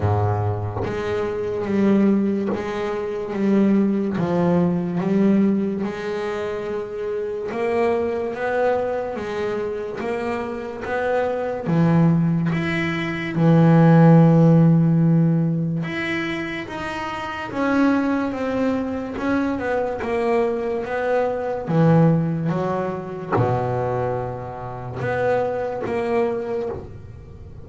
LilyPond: \new Staff \with { instrumentName = "double bass" } { \time 4/4 \tempo 4 = 72 gis,4 gis4 g4 gis4 | g4 f4 g4 gis4~ | gis4 ais4 b4 gis4 | ais4 b4 e4 e'4 |
e2. e'4 | dis'4 cis'4 c'4 cis'8 b8 | ais4 b4 e4 fis4 | b,2 b4 ais4 | }